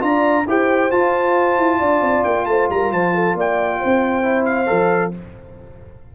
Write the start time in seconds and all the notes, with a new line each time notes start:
0.00 D4 F4 D5 A#5
0.47 E4 G4 C5 G5
0.91 F4 A5
1.58 E4
1.79 D4 D5
2.01 C4
2.24 A#3 G5
2.46 A3 C5 A5
2.70 G3 A#4 A#5
2.92 F3 C5 A5
3.15 A4
3.35 A#3 D5 G5
3.80 C4 C5
4.23 E4
4.46 F5
4.67 F3 A4